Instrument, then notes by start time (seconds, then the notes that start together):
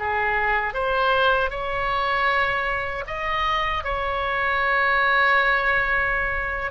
oboe
0.00 G#4
0.74 C5
1.51 C#5
3.08 D#5
3.84 C#5